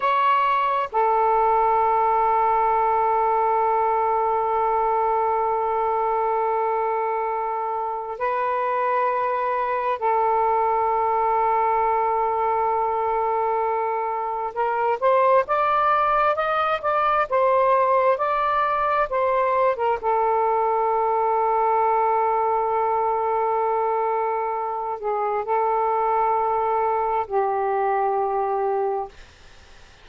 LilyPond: \new Staff \with { instrumentName = "saxophone" } { \time 4/4 \tempo 4 = 66 cis''4 a'2.~ | a'1~ | a'4 b'2 a'4~ | a'1 |
ais'8 c''8 d''4 dis''8 d''8 c''4 | d''4 c''8. ais'16 a'2~ | a'2.~ a'8 gis'8 | a'2 g'2 | }